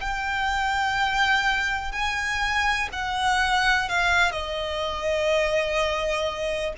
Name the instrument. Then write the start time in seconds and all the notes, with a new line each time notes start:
violin
0.00 G5
1.92 G#5
2.92 F#5
3.88 F5
4.32 D#5